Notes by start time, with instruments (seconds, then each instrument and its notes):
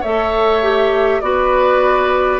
0.00 bassoon A3, clarinet A4, oboe C#5, flute E5
0.62 clarinet G4
1.21 bassoon B3, clarinet F#4, oboe B4, flute D5